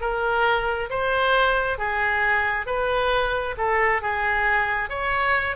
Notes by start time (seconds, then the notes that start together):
0.00 A#4
0.89 C5
1.78 G#4
2.66 B4
3.57 A4
4.01 G#4
4.89 C#5